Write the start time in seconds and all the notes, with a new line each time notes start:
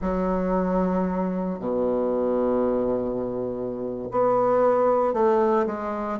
0.01 F#3
1.59 B2
4.11 B3
5.13 A3
5.66 G#3